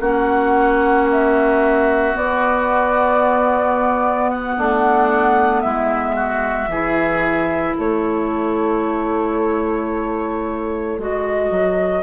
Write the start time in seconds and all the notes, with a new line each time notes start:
0.00 A#3 C#4 F#4 F#5
1.11 E5
2.12 B3 D5
4.30 F#5
4.57 A3 D4
5.60 G#3 E4 E5
6.15 F#4
6.68 E3 E4 G#4
7.77 A3 A4 C#5
10.98 G#3 F#4 D#5
11.51 F#3